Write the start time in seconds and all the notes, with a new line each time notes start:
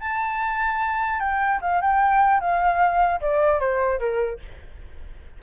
0.00 A5
1.20 G5
1.61 F5
1.81 G5
2.41 F5
3.21 D5
3.60 C5
3.99 A#4